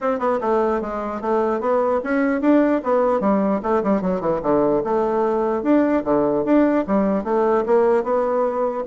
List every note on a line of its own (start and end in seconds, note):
0.00 0.19 C4
0.19 0.39 B3
0.40 0.81 A3
0.81 1.21 G#3
1.21 1.60 A3
1.60 2.00 B3
2.03 2.41 C#4
2.41 2.81 D4
2.83 3.20 B3
3.20 3.60 G3
3.62 3.83 A3
3.83 4.01 G3
4.01 4.20 F#3
4.20 4.40 E3
4.42 4.82 D3
4.84 5.62 A3
5.62 6.03 D4
6.04 6.44 D3
6.44 6.85 D4
6.87 7.24 G3
7.24 7.64 A3
7.66 8.03 A#3
8.03 8.84 B3